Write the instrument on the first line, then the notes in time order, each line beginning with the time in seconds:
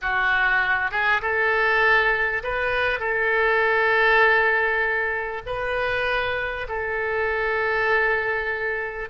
oboe
0.01 F#4
0.91 G#4
1.21 A4
2.43 B4
2.99 A4
5.45 B4
6.68 A4